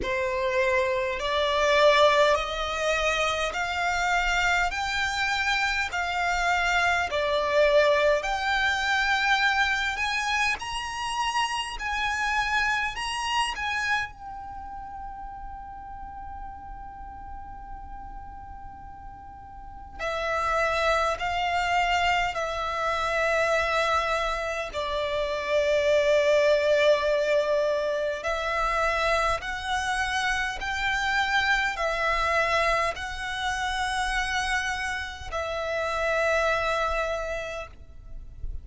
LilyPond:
\new Staff \with { instrumentName = "violin" } { \time 4/4 \tempo 4 = 51 c''4 d''4 dis''4 f''4 | g''4 f''4 d''4 g''4~ | g''8 gis''8 ais''4 gis''4 ais''8 gis''8 | g''1~ |
g''4 e''4 f''4 e''4~ | e''4 d''2. | e''4 fis''4 g''4 e''4 | fis''2 e''2 | }